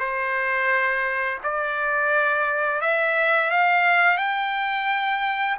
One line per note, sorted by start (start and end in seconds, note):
0.00 1.40 C5
1.44 2.81 D5
2.81 3.51 E5
3.51 4.18 F5
4.18 5.58 G5